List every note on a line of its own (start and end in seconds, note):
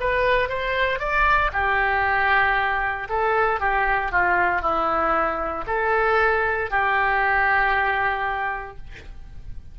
0.00 0.49 B4
0.49 0.99 C5
0.99 1.51 D5
1.53 3.08 G4
3.09 3.60 A4
3.60 4.12 G4
4.12 4.62 F4
4.62 5.65 E4
5.67 6.71 A4
6.71 8.77 G4